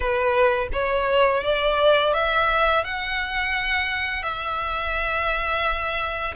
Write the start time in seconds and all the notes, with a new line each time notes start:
0.00 B4
0.73 C#5
1.43 D5
2.13 E5
2.84 F#5
4.22 E5